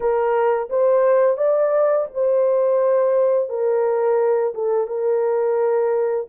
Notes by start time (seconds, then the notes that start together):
0.00 A#4
0.69 C5
1.37 D5
2.14 C5
3.49 A#4
4.54 A4
4.87 A#4